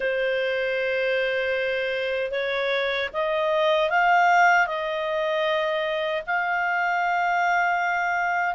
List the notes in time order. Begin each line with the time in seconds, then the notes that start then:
0.00 C5
2.31 C#5
3.13 D#5
3.90 F5
4.66 D#5
6.26 F5